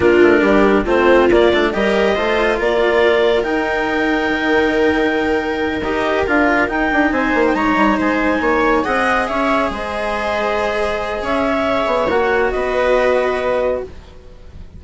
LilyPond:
<<
  \new Staff \with { instrumentName = "clarinet" } { \time 4/4 \tempo 4 = 139 ais'2 c''4 d''4 | dis''2 d''2 | g''1~ | g''4. dis''4 f''4 g''8~ |
g''8 gis''8. g''16 ais''4 gis''4.~ | gis''8 fis''4 e''4 dis''4.~ | dis''2 e''2 | fis''4 dis''2. | }
  \new Staff \with { instrumentName = "viola" } { \time 4/4 f'4 g'4 f'2 | ais'4 c''4 ais'2~ | ais'1~ | ais'1~ |
ais'8 c''4 cis''4 c''4 cis''8~ | cis''8 dis''4 cis''4 c''4.~ | c''2 cis''2~ | cis''4 b'2. | }
  \new Staff \with { instrumentName = "cello" } { \time 4/4 d'2 c'4 ais8 d'8 | g'4 f'2. | dis'1~ | dis'4. g'4 f'4 dis'8~ |
dis'1~ | dis'8 gis'2.~ gis'8~ | gis'1 | fis'1 | }
  \new Staff \with { instrumentName = "bassoon" } { \time 4/4 ais8 a8 g4 a4 ais8 a8 | g4 a4 ais2 | dis'2 dis2~ | dis4. dis'4 d'4 dis'8 |
d'8 c'8 ais8 gis8 g8 gis4 ais8~ | ais8 c'4 cis'4 gis4.~ | gis2 cis'4. b8 | ais4 b2. | }
>>